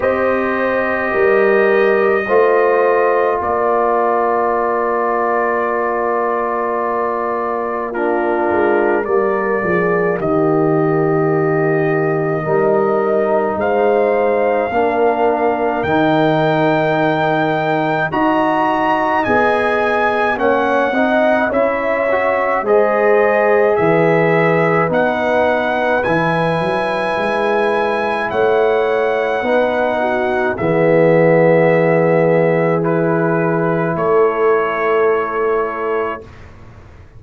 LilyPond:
<<
  \new Staff \with { instrumentName = "trumpet" } { \time 4/4 \tempo 4 = 53 dis''2. d''4~ | d''2. ais'4 | d''4 dis''2. | f''2 g''2 |
ais''4 gis''4 fis''4 e''4 | dis''4 e''4 fis''4 gis''4~ | gis''4 fis''2 e''4~ | e''4 b'4 cis''2 | }
  \new Staff \with { instrumentName = "horn" } { \time 4/4 c''4 ais'4 c''4 ais'4~ | ais'2. f'4 | ais'8 gis'8 g'2 ais'4 | c''4 ais'2. |
dis''2 cis''8 dis''8 cis''4 | c''4 b'2.~ | b'4 cis''4 b'8 fis'8 gis'4~ | gis'2 a'2 | }
  \new Staff \with { instrumentName = "trombone" } { \time 4/4 g'2 f'2~ | f'2. d'4 | ais2. dis'4~ | dis'4 d'4 dis'2 |
fis'4 gis'4 cis'8 dis'8 e'8 fis'8 | gis'2 dis'4 e'4~ | e'2 dis'4 b4~ | b4 e'2. | }
  \new Staff \with { instrumentName = "tuba" } { \time 4/4 c'4 g4 a4 ais4~ | ais2.~ ais8 gis8 | g8 f8 dis2 g4 | gis4 ais4 dis2 |
dis'4 b4 ais8 c'8 cis'4 | gis4 e4 b4 e8 fis8 | gis4 a4 b4 e4~ | e2 a2 | }
>>